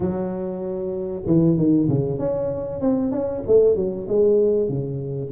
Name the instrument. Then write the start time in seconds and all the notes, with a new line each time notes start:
tuba
0.00 F#3
1.26 E3
1.57 D#3
1.89 C#3
2.18 C#4
2.81 C4
3.11 C#4
3.46 A3
3.75 F#3
4.08 G#3
4.68 C#3